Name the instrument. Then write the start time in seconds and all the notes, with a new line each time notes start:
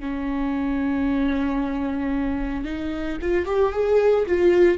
viola
0.00 C#4
2.65 D#4
3.21 F4
3.46 G4
3.73 G#4
4.26 F4